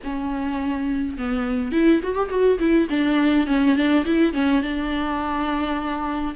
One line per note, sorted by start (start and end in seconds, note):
0.03 1.17 C#4
1.17 1.72 B3
1.72 2.00 E4
2.03 2.15 F#4
2.15 2.29 G4
2.29 2.58 F#4
2.59 2.87 E4
2.89 3.46 D4
3.46 3.75 C#4
3.75 4.04 D4
4.05 4.33 E4
4.33 4.62 C#4
4.62 6.35 D4